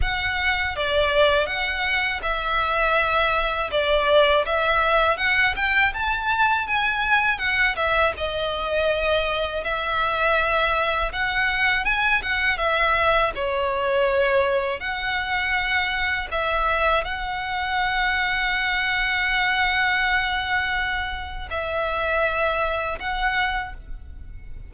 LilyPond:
\new Staff \with { instrumentName = "violin" } { \time 4/4 \tempo 4 = 81 fis''4 d''4 fis''4 e''4~ | e''4 d''4 e''4 fis''8 g''8 | a''4 gis''4 fis''8 e''8 dis''4~ | dis''4 e''2 fis''4 |
gis''8 fis''8 e''4 cis''2 | fis''2 e''4 fis''4~ | fis''1~ | fis''4 e''2 fis''4 | }